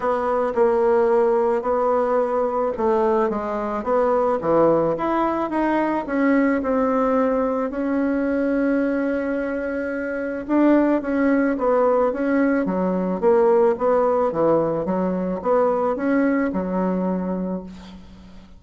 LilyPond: \new Staff \with { instrumentName = "bassoon" } { \time 4/4 \tempo 4 = 109 b4 ais2 b4~ | b4 a4 gis4 b4 | e4 e'4 dis'4 cis'4 | c'2 cis'2~ |
cis'2. d'4 | cis'4 b4 cis'4 fis4 | ais4 b4 e4 fis4 | b4 cis'4 fis2 | }